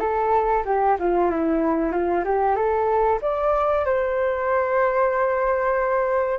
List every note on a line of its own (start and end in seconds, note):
0.00 0.64 A4
0.66 0.98 G4
1.00 1.31 F4
1.31 1.92 E4
1.92 2.24 F4
2.25 2.56 G4
2.56 3.20 A4
3.22 3.86 D5
3.86 6.39 C5